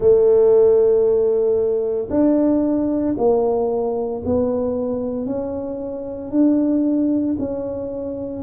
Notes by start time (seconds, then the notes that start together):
0.00 A3
2.10 D4
3.17 A#3
4.25 B3
5.25 C#4
6.30 D4
7.39 C#4